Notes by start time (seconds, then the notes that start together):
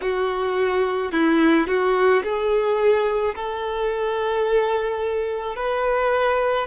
0.01 F#4
1.12 E4
1.67 F#4
2.23 G#4
3.35 A4
5.56 B4